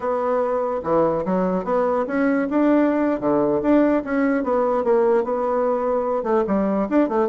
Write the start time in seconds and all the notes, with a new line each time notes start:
0.00 B3
0.83 E3
1.25 F#3
1.64 B3
2.07 C#4
2.50 D4
3.20 D3
3.61 D4
4.04 C#4
4.43 B3
4.84 A#3
5.24 B3
6.23 A3
6.47 G3
6.89 D4
7.08 A3